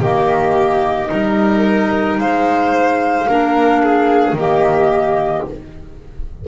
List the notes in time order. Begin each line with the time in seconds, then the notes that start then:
0.00 D#3 A#3 G4 D#5
1.07 G3 D#4 A#4
2.17 G#3 C5 F5
3.27 A#3 D4 A#4
3.83 G#4
4.32 D#3 A#3 G4 D#5